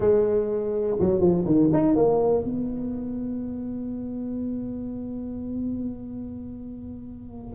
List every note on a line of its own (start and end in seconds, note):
0.00 0.97 G#3
0.99 1.20 F#3
1.20 1.44 F3
1.45 1.70 D#3
1.72 1.95 D#4
1.95 2.44 A#3
2.44 7.54 B3